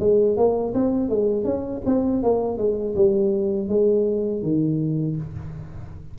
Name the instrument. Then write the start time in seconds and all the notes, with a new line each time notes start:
tuba
0.00 G#3
0.37 A#3
0.74 C4
1.09 G#3
1.45 C#4
1.86 C4
2.23 A#3
2.58 G#3
2.96 G3
3.69 G#3
4.43 D#3